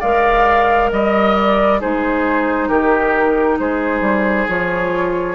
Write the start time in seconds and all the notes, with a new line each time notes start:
0.00 G#3 A#4 D5 F5
0.92 G3 D#5
1.36 D5
1.81 G#3 D#4 G#4 C5
2.69 D#3 G4 A#4
3.59 G#3 G#4 C5
4.01 G3
4.49 F3 F4 C#5